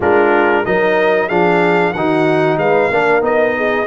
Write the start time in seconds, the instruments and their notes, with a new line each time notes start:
0.00 tuba G#3, trombone D4, horn F4, trumpet A#4
0.65 tuba F#3, trombone D#4, horn A#4, trumpet D#5
1.28 tuba F3, trombone D4, horn G#4, trumpet F5
1.93 tuba D#3, trombone D#4, horn F#4, trumpet F#5
2.57 tuba G#3, horn B4, trumpet F5
2.90 tuba A#3, trombone D4, horn A#4
3.21 tuba B3, trombone D#4, trumpet D#5
3.57 horn G#4